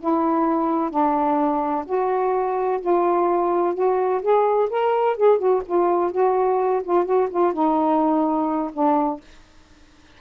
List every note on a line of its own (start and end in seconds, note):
0.00 0.91 E4
0.91 1.85 D4
1.86 2.81 F#4
2.81 3.75 F4
3.75 4.22 F#4
4.22 4.70 G#4
4.70 5.17 A#4
5.17 5.39 G#4
5.39 5.62 F#4
5.66 6.12 F4
6.12 6.83 F#4
6.84 7.05 F4
7.05 7.29 F#4
7.30 7.54 F4
7.54 8.72 D#4
8.73 9.21 D4